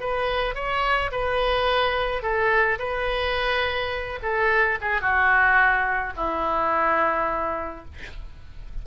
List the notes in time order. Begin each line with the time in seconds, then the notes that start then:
0.00 B4
0.55 C#5
1.12 B4
2.23 A4
2.79 B4
4.23 A4
4.81 G#4
5.01 F#4
6.17 E4